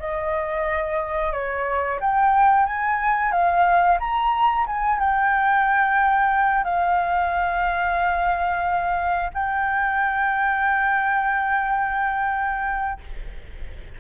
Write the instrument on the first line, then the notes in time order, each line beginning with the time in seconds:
flute
0.00 D#5
1.33 C#5
2.01 G5
2.66 G#5
3.32 F5
4.00 A#5
4.67 G#5
5.00 G5
6.64 F5
9.34 G5